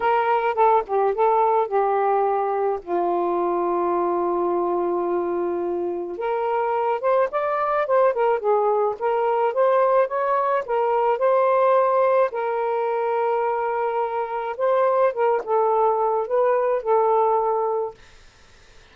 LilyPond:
\new Staff \with { instrumentName = "saxophone" } { \time 4/4 \tempo 4 = 107 ais'4 a'8 g'8 a'4 g'4~ | g'4 f'2.~ | f'2. ais'4~ | ais'8 c''8 d''4 c''8 ais'8 gis'4 |
ais'4 c''4 cis''4 ais'4 | c''2 ais'2~ | ais'2 c''4 ais'8 a'8~ | a'4 b'4 a'2 | }